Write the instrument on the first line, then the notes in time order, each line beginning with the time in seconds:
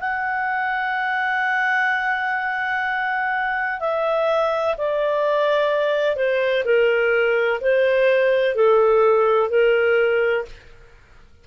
clarinet
0.00 F#5
3.80 E5
4.78 D5
6.16 C5
6.65 A#4
7.61 C5
8.56 A4
9.50 A#4